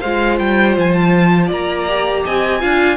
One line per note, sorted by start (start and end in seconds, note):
0.00 0.40 G#3
0.00 1.88 F4
0.00 1.47 C5
0.00 0.38 F5
0.38 0.77 G3
0.38 0.75 G5
0.77 1.51 F3
0.77 0.92 G#5
0.92 1.47 A5
1.47 2.25 A#3
1.47 2.21 D5
1.47 2.25 A#5
1.88 2.60 G4
2.24 2.63 C4
2.24 2.60 D#5
2.24 2.97 G#5
2.60 2.97 D4
2.60 2.97 F4
2.60 2.97 F5